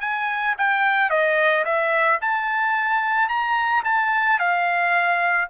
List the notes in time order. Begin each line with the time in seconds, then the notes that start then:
0.00 G#5
0.58 G5
1.10 D#5
1.64 E5
2.21 A5
3.28 A#5
3.84 A5
4.39 F5